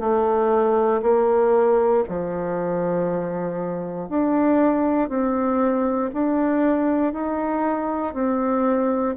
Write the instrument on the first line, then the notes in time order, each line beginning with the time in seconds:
bassoon
0.00 A3
1.03 A#3
2.09 F3
4.09 D4
5.09 C4
6.14 D4
7.14 D#4
8.14 C4